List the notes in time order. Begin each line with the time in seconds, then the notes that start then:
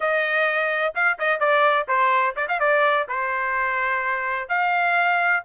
0.00 D#5
0.94 F5
1.18 D#5
1.39 D5
1.88 C5
2.35 D5
2.48 F5
2.59 D5
3.08 C5
4.48 F5